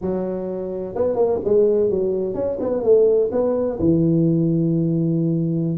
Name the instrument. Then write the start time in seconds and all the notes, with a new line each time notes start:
tuba
0.01 F#3
0.95 B3
1.15 A#3
1.44 G#3
1.89 F#3
2.34 C#4
2.60 B3
2.83 A3
3.31 B3
3.79 E3